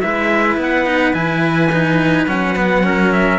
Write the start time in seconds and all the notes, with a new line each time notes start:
0.00 G#3 E4 B4 E5
0.57 B3 F#5
0.85 D#4
1.13 E3 E4 G#5
1.71 D#4
2.26 F#3 C#4 F#5
2.55 B3
2.83 C#4 A#4
3.12 E5